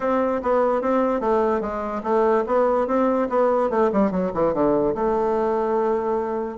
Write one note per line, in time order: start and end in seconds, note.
0.00 0.41 C4
0.42 0.81 B3
0.81 1.20 C4
1.20 1.60 A3
1.60 2.02 G#3
2.03 2.44 A3
2.46 2.87 B3
2.87 3.28 C4
3.29 3.70 B3
3.70 3.90 A3
3.92 4.11 G3
4.11 4.31 F#3
4.34 4.53 E3
4.53 4.94 D3
4.94 6.57 A3